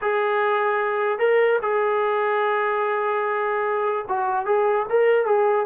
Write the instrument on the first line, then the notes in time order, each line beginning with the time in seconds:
trombone
0.01 G#4
1.18 A#4
1.62 G#4
4.08 F#4
4.45 G#4
4.89 A#4
5.25 G#4